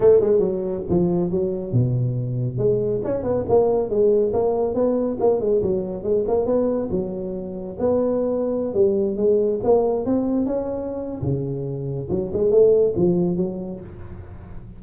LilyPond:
\new Staff \with { instrumentName = "tuba" } { \time 4/4 \tempo 4 = 139 a8 gis8 fis4 f4 fis4 | b,2 gis4 cis'8 b8 | ais4 gis4 ais4 b4 | ais8 gis8 fis4 gis8 ais8 b4 |
fis2 b2~ | b16 g4 gis4 ais4 c'8.~ | c'16 cis'4.~ cis'16 cis2 | fis8 gis8 a4 f4 fis4 | }